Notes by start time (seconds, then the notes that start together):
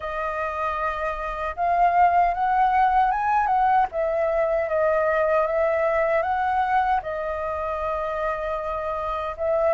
0.00 D#5
1.55 F5
2.33 F#5
3.11 G#5
3.47 F#5
3.91 E5
4.68 D#5
5.47 E5
6.22 F#5
7.02 D#5
9.37 E5